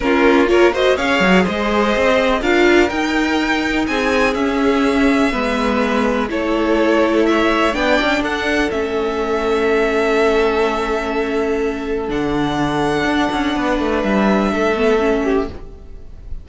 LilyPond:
<<
  \new Staff \with { instrumentName = "violin" } { \time 4/4 \tempo 4 = 124 ais'4 cis''8 dis''8 f''4 dis''4~ | dis''4 f''4 g''2 | gis''4 e''2.~ | e''4 cis''2 e''4 |
g''4 fis''4 e''2~ | e''1~ | e''4 fis''2.~ | fis''4 e''2. | }
  \new Staff \with { instrumentName = "violin" } { \time 4/4 f'4 ais'8 c''8 cis''4 c''4~ | c''4 ais'2. | gis'2. b'4~ | b'4 a'2 cis''4 |
d''4 a'2.~ | a'1~ | a'1 | b'2 a'4. g'8 | }
  \new Staff \with { instrumentName = "viola" } { \time 4/4 cis'4 f'8 fis'8 gis'2~ | gis'4 f'4 dis'2~ | dis'4 cis'2 b4~ | b4 e'2. |
d'2 cis'2~ | cis'1~ | cis'4 d'2.~ | d'2~ d'8 b8 cis'4 | }
  \new Staff \with { instrumentName = "cello" } { \time 4/4 ais2 cis'8 fis8 gis4 | c'4 d'4 dis'2 | c'4 cis'2 gis4~ | gis4 a2. |
b8 cis'8 d'4 a2~ | a1~ | a4 d2 d'8 cis'8 | b8 a8 g4 a2 | }
>>